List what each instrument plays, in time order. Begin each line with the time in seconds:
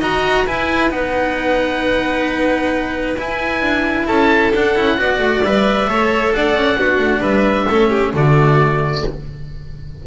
0.00 double bass D#4, cello F#4, violin D#5, oboe A#5
0.46 double bass E4, cello E4, violin B4, oboe G#5
0.91 double bass B3, cello D#4, oboe F#5
3.18 double bass E4, cello E4, oboe G#5
3.61 double bass D4
4.07 double bass C#4, violin A4, oboe A5
4.55 double bass D4, cello D4, oboe F#5
4.76 double bass C#4, cello E4
4.98 double bass B3, cello F#4, violin D5
5.19 double bass A3
5.44 double bass G3, cello B4, oboe E5
5.88 double bass A3, cello A4, violin C#5
6.34 double bass D4, violin D5, oboe F#5
6.55 double bass C#4
6.78 double bass B3, cello D4, violin F#4
6.99 double bass A3
7.21 double bass G3, violin B4, oboe E5
7.69 double bass A3, cello C#4, violin A4
7.90 violin G4
8.14 double bass D3, cello A3, violin F#4, oboe D5